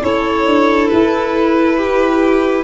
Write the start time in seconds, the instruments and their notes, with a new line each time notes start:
0.00 tuba C#4, clarinet E4, violin A4 C#5
0.46 tuba D4
0.88 tuba E4, violin B4
1.77 violin G4